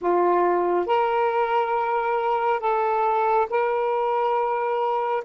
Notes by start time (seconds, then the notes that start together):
0.01 F4
0.86 A#4
2.60 A4
3.49 A#4